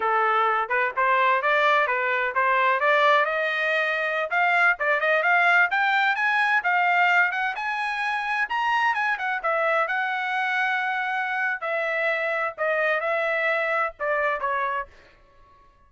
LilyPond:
\new Staff \with { instrumentName = "trumpet" } { \time 4/4 \tempo 4 = 129 a'4. b'8 c''4 d''4 | b'4 c''4 d''4 dis''4~ | dis''4~ dis''16 f''4 d''8 dis''8 f''8.~ | f''16 g''4 gis''4 f''4. fis''16~ |
fis''16 gis''2 ais''4 gis''8 fis''16~ | fis''16 e''4 fis''2~ fis''8.~ | fis''4 e''2 dis''4 | e''2 d''4 cis''4 | }